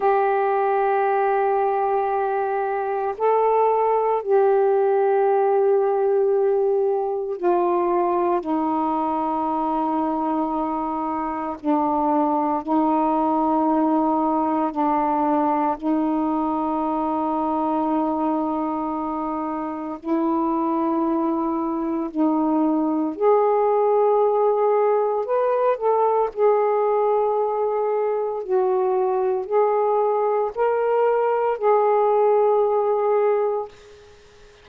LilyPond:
\new Staff \with { instrumentName = "saxophone" } { \time 4/4 \tempo 4 = 57 g'2. a'4 | g'2. f'4 | dis'2. d'4 | dis'2 d'4 dis'4~ |
dis'2. e'4~ | e'4 dis'4 gis'2 | b'8 a'8 gis'2 fis'4 | gis'4 ais'4 gis'2 | }